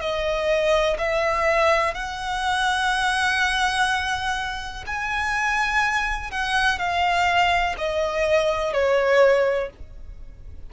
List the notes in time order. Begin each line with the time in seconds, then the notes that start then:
0.00 D#5
0.98 E5
1.94 F#5
4.86 G#5
6.31 F#5
6.78 F5
7.77 D#5
8.73 C#5